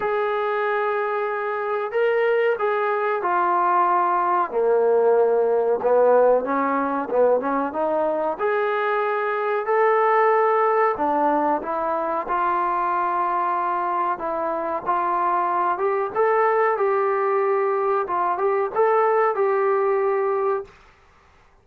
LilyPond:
\new Staff \with { instrumentName = "trombone" } { \time 4/4 \tempo 4 = 93 gis'2. ais'4 | gis'4 f'2 ais4~ | ais4 b4 cis'4 b8 cis'8 | dis'4 gis'2 a'4~ |
a'4 d'4 e'4 f'4~ | f'2 e'4 f'4~ | f'8 g'8 a'4 g'2 | f'8 g'8 a'4 g'2 | }